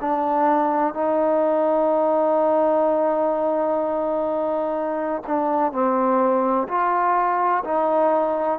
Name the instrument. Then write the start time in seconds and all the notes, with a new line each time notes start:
trombone
0.00 D4
0.94 D#4
5.27 D4
5.72 C4
6.68 F4
7.64 D#4